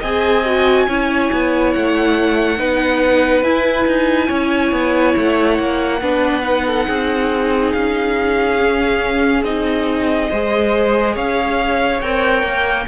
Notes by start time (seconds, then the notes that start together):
0.00 C4 G#4 D#5 G#5
0.46 F#4
0.87 C#4 E4 C#5
1.33 B3
1.73 A3 F#5
2.58 B3 D#4 B4
3.43 E4 G#5
3.87 D#4
4.28 C#4 C#5
4.72 B3
5.17 A3 F#5
5.59 A#3
6.02 B3 D4 B4
6.43 D#4
6.67 A4
6.87 C4 G#4
7.72 C#4 F5
8.60 C#4
9.43 C4 D#4 D#5
10.30 G#3 G#4 C5
11.14 C#4 C#5 F5
12.01 C4 A#4 G5
12.43 A#3